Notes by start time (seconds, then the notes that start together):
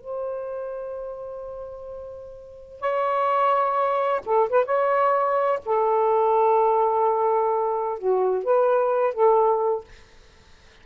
0.00 C5
2.80 C#5
4.25 A4
4.49 B4
4.65 C#5
5.65 A4
7.98 F#4
8.44 B4
9.14 A4